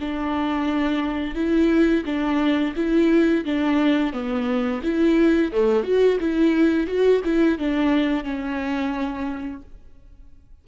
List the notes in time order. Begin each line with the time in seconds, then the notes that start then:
0.00 D4
1.35 E4
2.06 D4
2.76 E4
3.45 D4
4.13 B3
4.83 E4
5.52 A3
5.84 F#4
6.20 E4
6.87 F#4
7.24 E4
7.59 D4
8.24 C#4